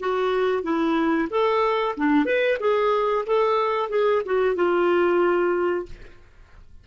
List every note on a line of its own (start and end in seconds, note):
0.00 0.63 F#4
0.63 1.29 E4
1.30 1.96 A4
1.97 2.26 D4
2.26 2.58 B4
2.60 3.25 G#4
3.27 3.90 A4
3.90 4.22 G#4
4.26 4.56 F#4
4.56 5.86 F4